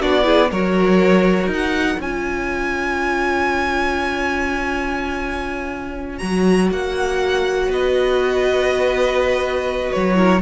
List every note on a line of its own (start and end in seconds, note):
0.00 0.52 B3
0.00 0.23 D4
0.00 0.25 F#4
0.00 0.51 D5
0.23 0.48 E4
0.23 0.50 G#4
0.51 1.46 F#3
0.51 2.01 F#4
0.51 1.99 A#4
0.51 1.51 C#5
1.46 1.96 D#4
1.53 2.02 F#5
1.99 6.21 C#4
1.99 6.20 F4
1.99 7.69 C#5
1.99 6.18 G#5
6.18 6.71 F#3
6.18 10.15 F#4
6.18 6.68 A#5
6.71 7.68 A#3
6.71 7.72 F#5
7.68 9.91 B3
7.68 10.17 B4
7.68 9.92 D#5
9.92 10.42 F#3
9.92 10.42 C#5
10.15 10.40 E4
10.15 10.42 A#4